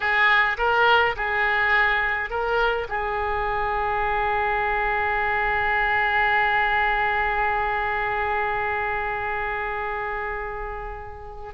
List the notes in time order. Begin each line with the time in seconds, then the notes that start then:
0.00 G#4
0.57 A#4
1.16 G#4
2.30 A#4
2.88 G#4